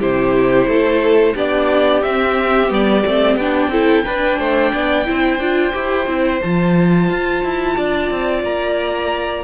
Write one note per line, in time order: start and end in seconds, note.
0.00 0.67 C3
0.00 1.35 E4
0.00 0.67 G4
0.00 1.37 C5
0.67 1.34 A3
0.67 1.35 A4
1.35 2.03 B3
1.35 2.03 D4
1.35 3.71 G4
1.35 2.03 D5
2.03 2.70 C4
2.03 2.69 C4
2.03 2.71 E5
2.69 3.04 G3
2.69 3.03 B3
2.69 3.37 D5
3.07 3.36 A3
3.07 3.40 C4
3.36 3.68 B3
3.36 3.72 D4
3.36 6.41 G5
3.68 4.02 C4
3.68 4.05 E4
3.68 4.05 A4
4.05 5.05 D4
4.05 4.39 D4
4.05 4.39 B4
4.39 4.73 A3
4.39 4.72 C5
4.73 5.08 B3
4.73 5.07 D5
5.05 5.40 C4
5.05 5.39 E4
5.05 7.77 C5
5.40 5.74 D4
5.40 5.73 F4
5.73 6.07 E4
5.73 6.07 G4
6.07 6.41 C4
6.07 6.41 E4
6.42 7.10 F3
6.42 9.44 F4
6.42 8.44 A5
7.10 7.44 F4
7.44 7.78 E4
7.77 8.11 D4
7.77 9.44 D5
8.11 8.44 C4
8.44 9.44 A#3
8.44 9.44 A#5